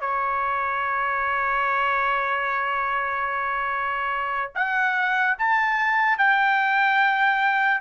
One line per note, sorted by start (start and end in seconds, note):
0.00 4.52 C#5
4.54 5.36 F#5
5.38 6.18 A5
6.18 7.80 G5